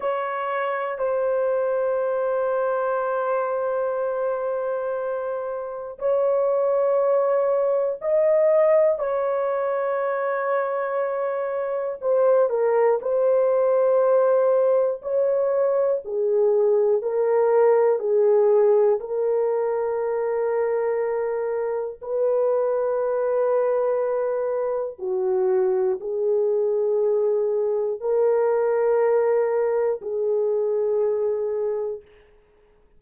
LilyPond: \new Staff \with { instrumentName = "horn" } { \time 4/4 \tempo 4 = 60 cis''4 c''2.~ | c''2 cis''2 | dis''4 cis''2. | c''8 ais'8 c''2 cis''4 |
gis'4 ais'4 gis'4 ais'4~ | ais'2 b'2~ | b'4 fis'4 gis'2 | ais'2 gis'2 | }